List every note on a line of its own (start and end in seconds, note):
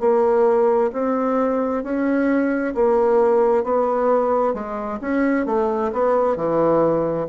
0.00 0.91 A#3
0.93 1.83 C4
1.83 2.74 C#4
2.75 3.64 A#3
3.64 4.54 B3
4.54 4.99 G#3
5.01 5.46 C#4
5.46 5.92 A3
5.93 6.36 B3
6.36 7.27 E3